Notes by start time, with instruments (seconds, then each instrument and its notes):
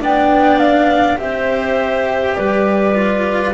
0.00 double bass B3, cello D4, clarinet D5, flute G5
0.59 flute F5
1.17 double bass C4, cello G4, clarinet C5, flute E5
2.35 double bass G3, clarinet B4, flute D5
2.95 cello F4